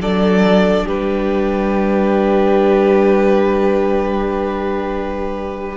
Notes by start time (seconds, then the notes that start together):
0.00 F#3 D4 A4 D5
0.86 G3 G4 B4